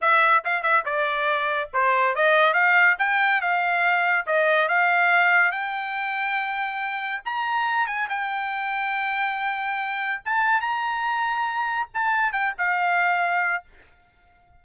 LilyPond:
\new Staff \with { instrumentName = "trumpet" } { \time 4/4 \tempo 4 = 141 e''4 f''8 e''8 d''2 | c''4 dis''4 f''4 g''4 | f''2 dis''4 f''4~ | f''4 g''2.~ |
g''4 ais''4. gis''8 g''4~ | g''1 | a''4 ais''2. | a''4 g''8 f''2~ f''8 | }